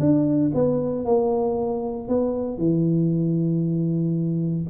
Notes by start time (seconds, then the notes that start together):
0.00 D4
0.54 B3
1.05 A#3
2.08 B3
2.58 E3